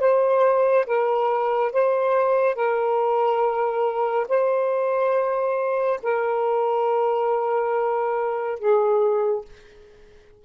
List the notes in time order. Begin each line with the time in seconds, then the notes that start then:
0.00 C5
0.86 A#4
1.73 C5
2.55 A#4
4.29 C5
6.03 A#4
8.59 G#4